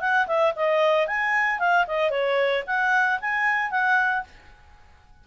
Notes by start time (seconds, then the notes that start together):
0.00 F#5
0.27 E5
0.55 D#5
1.07 G#5
1.59 F5
1.87 D#5
2.10 C#5
2.66 F#5
3.20 G#5
3.71 F#5